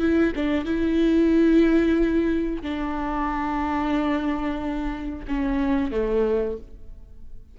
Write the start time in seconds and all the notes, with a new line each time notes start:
0.00 E4
0.36 D4
0.65 E4
2.63 D4
5.28 C#4
5.92 A3